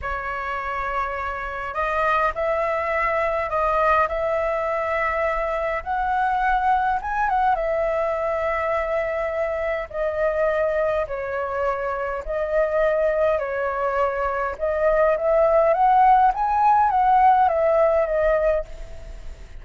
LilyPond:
\new Staff \with { instrumentName = "flute" } { \time 4/4 \tempo 4 = 103 cis''2. dis''4 | e''2 dis''4 e''4~ | e''2 fis''2 | gis''8 fis''8 e''2.~ |
e''4 dis''2 cis''4~ | cis''4 dis''2 cis''4~ | cis''4 dis''4 e''4 fis''4 | gis''4 fis''4 e''4 dis''4 | }